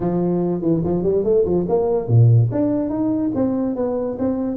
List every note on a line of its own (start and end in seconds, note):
0.00 0.61 F3
0.61 0.82 E3
0.84 1.03 F3
1.03 1.23 G3
1.23 1.44 A3
1.45 1.66 F3
1.68 2.07 A#3
2.07 2.49 A#2
2.51 2.89 D4
2.89 3.31 D#4
3.34 3.75 C4
3.75 4.17 B3
4.18 4.56 C4